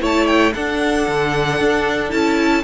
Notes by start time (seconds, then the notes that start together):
0.00 A3 E4 C#5 A5
0.27 G5
0.54 D4 A4 F#5
1.08 D3
1.60 D4
2.10 C#4 E4 A5